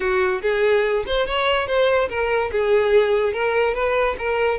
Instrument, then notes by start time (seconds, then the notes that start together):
violin
0.00 F#4
0.41 G#4
1.06 C5
1.26 C#5
1.67 C5
2.09 A#4
2.51 G#4
3.33 A#4
3.74 B4
4.18 A#4